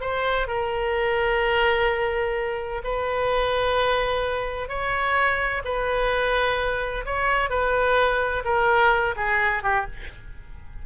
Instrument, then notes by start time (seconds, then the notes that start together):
oboe
0.00 C5
0.47 A#4
2.83 B4
4.68 C#5
5.64 B4
7.05 C#5
7.49 B4
8.44 A#4
9.16 G#4
9.63 G4